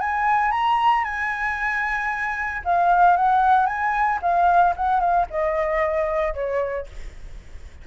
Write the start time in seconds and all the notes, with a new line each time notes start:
0.00 G#5
0.51 A#5
1.04 G#5
2.65 F5
3.17 F#5
3.66 G#5
4.22 F5
4.76 F#5
5.00 F5
5.30 D#5
6.34 C#5